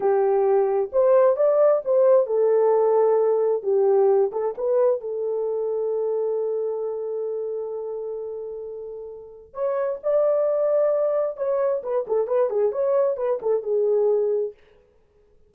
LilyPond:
\new Staff \with { instrumentName = "horn" } { \time 4/4 \tempo 4 = 132 g'2 c''4 d''4 | c''4 a'2. | g'4. a'8 b'4 a'4~ | a'1~ |
a'1~ | a'4 cis''4 d''2~ | d''4 cis''4 b'8 a'8 b'8 gis'8 | cis''4 b'8 a'8 gis'2 | }